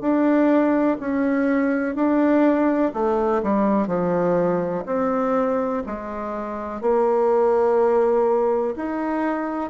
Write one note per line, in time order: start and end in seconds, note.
0.00 0.97 D4
0.99 1.95 C#4
1.95 2.92 D4
2.93 3.42 A3
3.42 3.87 G3
3.87 4.84 F3
4.86 5.82 C4
5.86 6.80 G#3
6.80 8.74 A#3
8.75 9.70 D#4